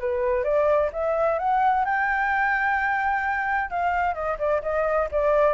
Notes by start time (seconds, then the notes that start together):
0.00 B4
0.44 D5
0.93 E5
1.39 F#5
1.85 G5
3.70 F5
4.14 D#5
4.39 D5
4.62 D#5
5.11 D5